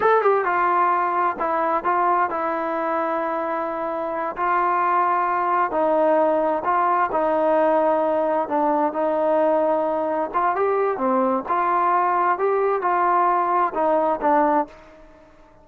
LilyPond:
\new Staff \with { instrumentName = "trombone" } { \time 4/4 \tempo 4 = 131 a'8 g'8 f'2 e'4 | f'4 e'2.~ | e'4. f'2~ f'8~ | f'8 dis'2 f'4 dis'8~ |
dis'2~ dis'8 d'4 dis'8~ | dis'2~ dis'8 f'8 g'4 | c'4 f'2 g'4 | f'2 dis'4 d'4 | }